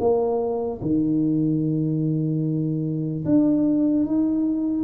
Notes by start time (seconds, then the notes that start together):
0.00 A#3
0.81 D#3
3.25 D4
4.06 D#4